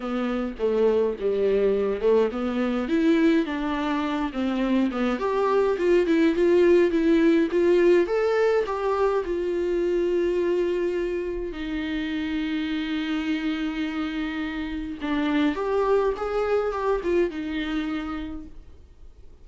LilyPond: \new Staff \with { instrumentName = "viola" } { \time 4/4 \tempo 4 = 104 b4 a4 g4. a8 | b4 e'4 d'4. c'8~ | c'8 b8 g'4 f'8 e'8 f'4 | e'4 f'4 a'4 g'4 |
f'1 | dis'1~ | dis'2 d'4 g'4 | gis'4 g'8 f'8 dis'2 | }